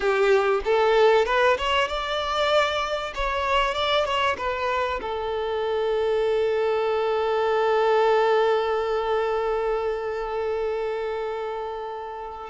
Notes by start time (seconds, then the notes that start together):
0.00 G4
0.64 A4
1.25 B4
1.57 C#5
1.88 D5
3.14 C#5
3.74 D5
4.05 C#5
4.37 B4
5.01 A4